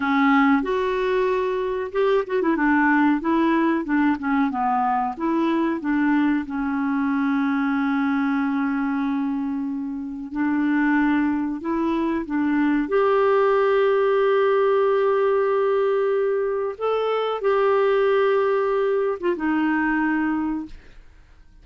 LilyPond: \new Staff \with { instrumentName = "clarinet" } { \time 4/4 \tempo 4 = 93 cis'4 fis'2 g'8 fis'16 e'16 | d'4 e'4 d'8 cis'8 b4 | e'4 d'4 cis'2~ | cis'1 |
d'2 e'4 d'4 | g'1~ | g'2 a'4 g'4~ | g'4.~ g'16 f'16 dis'2 | }